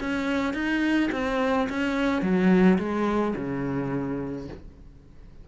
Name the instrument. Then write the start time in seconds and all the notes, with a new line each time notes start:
cello
0.00 C#4
0.54 D#4
1.12 C4
1.69 C#4
2.22 F#3
2.79 G#3
3.36 C#3